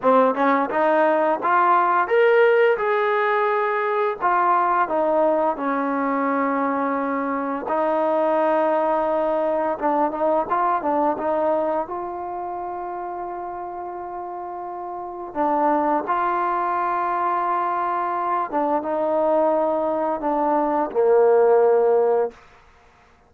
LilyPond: \new Staff \with { instrumentName = "trombone" } { \time 4/4 \tempo 4 = 86 c'8 cis'8 dis'4 f'4 ais'4 | gis'2 f'4 dis'4 | cis'2. dis'4~ | dis'2 d'8 dis'8 f'8 d'8 |
dis'4 f'2.~ | f'2 d'4 f'4~ | f'2~ f'8 d'8 dis'4~ | dis'4 d'4 ais2 | }